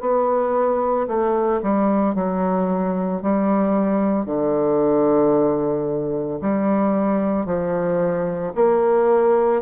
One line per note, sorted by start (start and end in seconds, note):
0.00 1.07 B3
1.08 1.61 A3
1.62 2.15 G3
2.15 3.22 F#3
3.22 4.26 G3
4.26 6.40 D3
6.41 7.46 G3
7.46 8.53 F3
8.55 9.62 A#3